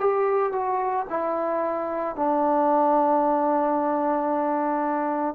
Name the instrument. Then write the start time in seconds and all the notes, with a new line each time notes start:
trombone
0.00 G4
0.52 F#4
1.10 E4
2.16 D4